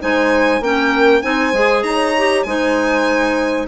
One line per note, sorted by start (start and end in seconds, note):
0.00 0.60 G#3
0.00 0.61 D#4
0.00 0.62 C5
0.00 0.63 G#5
0.60 1.21 A#3
0.60 1.22 C#4
0.60 1.23 A#4
0.60 1.22 G5
1.22 1.53 C4
1.22 1.52 D#4
1.22 1.84 C5
1.22 1.83 G#5
1.53 1.83 G#3
1.53 2.14 G#4
1.83 2.44 D#4
1.83 2.47 C#5
1.83 2.43 A#5
2.17 2.46 G4
2.43 3.67 G#3
2.43 3.67 D#4
2.43 3.67 C5
2.43 3.65 G#5